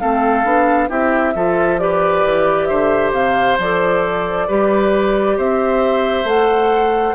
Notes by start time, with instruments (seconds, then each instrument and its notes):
0.00 bassoon A3, clarinet C4, oboe A4, flute F5
0.45 bassoon B3, clarinet D4
0.89 bassoon C4, clarinet E4, oboe G4, flute E5
1.35 bassoon F3, clarinet F4, oboe A4
1.79 clarinet G4, oboe B4, flute D5
2.25 bassoon E3
2.66 bassoon D3, oboe C5, flute E5
3.13 bassoon C3, flute F5
3.59 bassoon F3, clarinet A4, flute D5
4.48 bassoon G3, clarinet G4, oboe B4
5.37 bassoon C4, oboe C5, flute E5
6.25 bassoon A3, clarinet A4, flute F#5